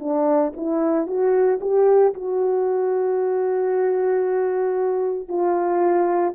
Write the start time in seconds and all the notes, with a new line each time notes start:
0.00 D4
0.56 E4
1.07 F#4
1.61 G4
2.14 F#4
5.29 F4